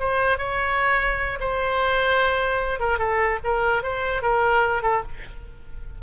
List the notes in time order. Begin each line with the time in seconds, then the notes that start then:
0.00 C5
0.38 C#5
1.40 C5
2.80 A#4
2.99 A4
3.44 A#4
3.83 C5
4.23 A#4
4.83 A4